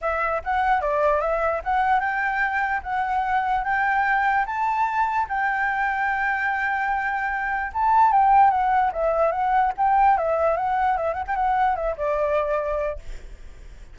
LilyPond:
\new Staff \with { instrumentName = "flute" } { \time 4/4 \tempo 4 = 148 e''4 fis''4 d''4 e''4 | fis''4 g''2 fis''4~ | fis''4 g''2 a''4~ | a''4 g''2.~ |
g''2. a''4 | g''4 fis''4 e''4 fis''4 | g''4 e''4 fis''4 e''8 fis''16 g''16 | fis''4 e''8 d''2~ d''8 | }